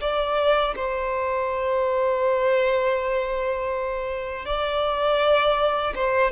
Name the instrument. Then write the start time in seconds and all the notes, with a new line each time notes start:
violin
0.00 D5
0.75 C5
4.45 D5
5.95 C5